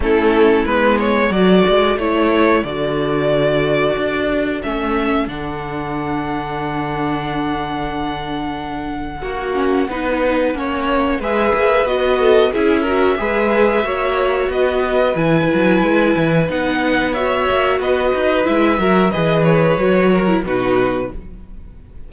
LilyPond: <<
  \new Staff \with { instrumentName = "violin" } { \time 4/4 \tempo 4 = 91 a'4 b'8 cis''8 d''4 cis''4 | d''2. e''4 | fis''1~ | fis''1~ |
fis''4 e''4 dis''4 e''4~ | e''2 dis''4 gis''4~ | gis''4 fis''4 e''4 dis''4 | e''4 dis''8 cis''4. b'4 | }
  \new Staff \with { instrumentName = "violin" } { \time 4/4 e'2 a'2~ | a'1~ | a'1~ | a'2 fis'4 b'4 |
cis''4 b'4. a'8 gis'8 ais'8 | b'4 cis''4 b'2~ | b'2 cis''4 b'4~ | b'8 ais'8 b'4. ais'8 fis'4 | }
  \new Staff \with { instrumentName = "viola" } { \time 4/4 cis'4 b4 fis'4 e'4 | fis'2. cis'4 | d'1~ | d'2 fis'8 cis'8 dis'4 |
cis'4 gis'4 fis'4 e'8 fis'8 | gis'4 fis'2 e'4~ | e'4 dis'4 fis'2 | e'8 fis'8 gis'4 fis'8. e'16 dis'4 | }
  \new Staff \with { instrumentName = "cello" } { \time 4/4 a4 gis4 fis8 gis8 a4 | d2 d'4 a4 | d1~ | d2 ais4 b4 |
ais4 gis8 ais8 b4 cis'4 | gis4 ais4 b4 e8 fis8 | gis8 e8 b4. ais8 b8 dis'8 | gis8 fis8 e4 fis4 b,4 | }
>>